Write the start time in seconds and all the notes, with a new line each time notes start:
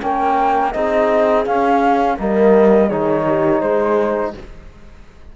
0.00 A#3 C#4 A#4 G5
0.71 C4 D#4 G#4 D#5
1.45 C#4 F5
2.17 G3 A#3 A#4 D#5
2.86 D#3 D#4 G#4 C#5
3.26 G4
3.61 G#3 G#4 C5